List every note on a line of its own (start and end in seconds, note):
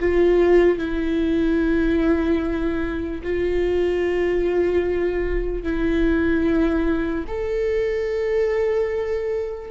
0.00 0.79 F4
0.79 3.22 E4
3.23 5.63 F4
5.63 7.25 E4
7.28 9.71 A4